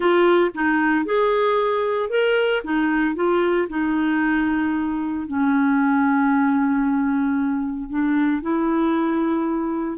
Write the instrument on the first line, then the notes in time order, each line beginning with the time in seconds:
clarinet
0.00 F4
0.54 D#4
1.05 G#4
2.09 A#4
2.64 D#4
3.15 F4
3.69 D#4
5.27 C#4
7.89 D4
8.42 E4